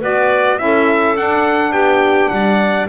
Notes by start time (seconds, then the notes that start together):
0.00 B3 F#4 B4 D5
0.57 C#4 E4 A4 E5
1.15 D4 F#5
1.71 B3 G4 G5
2.28 G3 D5 F#5